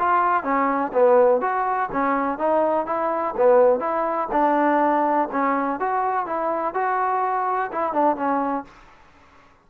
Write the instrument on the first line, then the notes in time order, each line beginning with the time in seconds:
trombone
0.00 F4
0.44 C#4
0.94 B3
1.41 F#4
1.93 C#4
2.39 D#4
2.87 E4
3.38 B3
3.80 E4
4.32 D4
5.32 C#4
5.80 F#4
6.27 E4
6.75 F#4
7.72 E4
7.93 D4
8.17 C#4